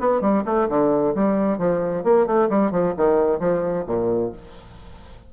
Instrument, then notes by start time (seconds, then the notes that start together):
bassoon
0.00 B3
0.21 G3
0.46 A3
0.69 D3
1.15 G3
1.58 F3
2.04 A#3
2.26 A3
2.49 G3
2.71 F3
2.97 D#3
3.40 F3
3.87 A#2